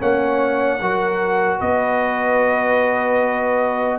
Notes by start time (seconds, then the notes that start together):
0.00 A#3 C#4 C#5 F#5
0.81 F#3 F#4 A#4
1.58 B3 B4 D#5